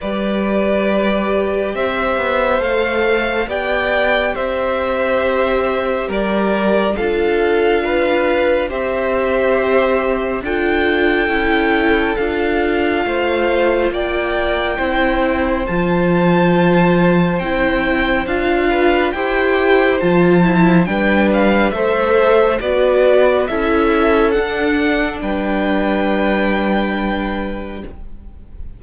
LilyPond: <<
  \new Staff \with { instrumentName = "violin" } { \time 4/4 \tempo 4 = 69 d''2 e''4 f''4 | g''4 e''2 d''4 | f''2 e''2 | g''2 f''2 |
g''2 a''2 | g''4 f''4 g''4 a''4 | g''8 f''8 e''4 d''4 e''4 | fis''4 g''2. | }
  \new Staff \with { instrumentName = "violin" } { \time 4/4 b'2 c''2 | d''4 c''2 ais'4 | a'4 b'4 c''2 | a'2. c''4 |
d''4 c''2.~ | c''4. b'8 c''2 | b'4 c''4 b'4 a'4~ | a'4 b'2. | }
  \new Staff \with { instrumentName = "viola" } { \time 4/4 g'2. a'4 | g'1 | f'2 g'2 | f'4 e'4 f'2~ |
f'4 e'4 f'2 | e'4 f'4 g'4 f'8 e'8 | d'4 a'4 fis'4 e'4 | d'1 | }
  \new Staff \with { instrumentName = "cello" } { \time 4/4 g2 c'8 b8 a4 | b4 c'2 g4 | d'2 c'2 | d'4 cis'4 d'4 a4 |
ais4 c'4 f2 | c'4 d'4 e'4 f4 | g4 a4 b4 cis'4 | d'4 g2. | }
>>